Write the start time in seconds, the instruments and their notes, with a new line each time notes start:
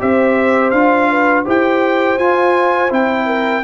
0.00 tuba C4, trombone G4, horn C5, trumpet E5
0.71 tuba D4, trombone F4, trumpet F5
1.11 horn B4
1.45 tuba E4, trombone G4, horn C5, trumpet G5
2.18 tuba F4, trombone F4, trumpet G#5
2.90 tuba C4, trombone E4, trumpet G5
3.27 horn A#4